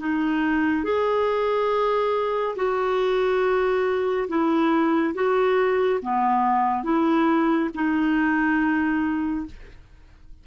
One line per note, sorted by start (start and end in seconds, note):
0.00 0.85 D#4
0.85 2.56 G#4
2.56 4.28 F#4
4.29 5.14 E4
5.15 6.00 F#4
6.02 6.84 B3
6.84 7.70 E4
7.75 9.46 D#4